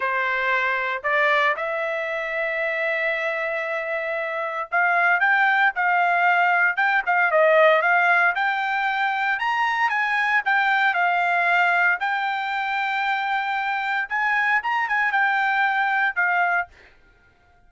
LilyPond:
\new Staff \with { instrumentName = "trumpet" } { \time 4/4 \tempo 4 = 115 c''2 d''4 e''4~ | e''1~ | e''4 f''4 g''4 f''4~ | f''4 g''8 f''8 dis''4 f''4 |
g''2 ais''4 gis''4 | g''4 f''2 g''4~ | g''2. gis''4 | ais''8 gis''8 g''2 f''4 | }